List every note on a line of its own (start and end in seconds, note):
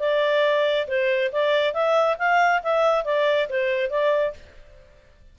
0.00 0.87 D5
0.88 1.31 C5
1.32 1.74 D5
1.74 2.17 E5
2.19 2.62 F5
2.63 3.05 E5
3.05 3.48 D5
3.50 3.90 C5
3.90 4.34 D5